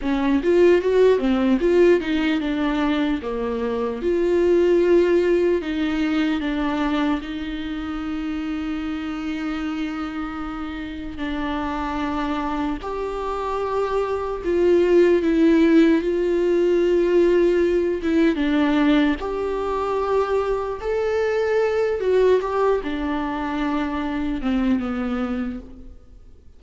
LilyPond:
\new Staff \with { instrumentName = "viola" } { \time 4/4 \tempo 4 = 75 cis'8 f'8 fis'8 c'8 f'8 dis'8 d'4 | ais4 f'2 dis'4 | d'4 dis'2.~ | dis'2 d'2 |
g'2 f'4 e'4 | f'2~ f'8 e'8 d'4 | g'2 a'4. fis'8 | g'8 d'2 c'8 b4 | }